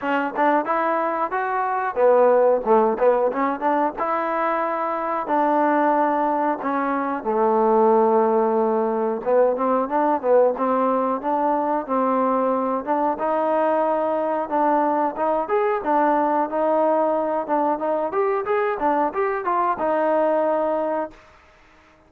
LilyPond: \new Staff \with { instrumentName = "trombone" } { \time 4/4 \tempo 4 = 91 cis'8 d'8 e'4 fis'4 b4 | a8 b8 cis'8 d'8 e'2 | d'2 cis'4 a4~ | a2 b8 c'8 d'8 b8 |
c'4 d'4 c'4. d'8 | dis'2 d'4 dis'8 gis'8 | d'4 dis'4. d'8 dis'8 g'8 | gis'8 d'8 g'8 f'8 dis'2 | }